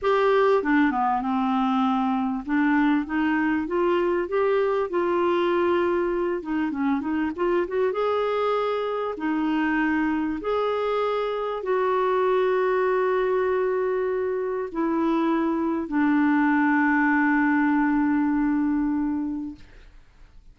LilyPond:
\new Staff \with { instrumentName = "clarinet" } { \time 4/4 \tempo 4 = 98 g'4 d'8 b8 c'2 | d'4 dis'4 f'4 g'4 | f'2~ f'8 dis'8 cis'8 dis'8 | f'8 fis'8 gis'2 dis'4~ |
dis'4 gis'2 fis'4~ | fis'1 | e'2 d'2~ | d'1 | }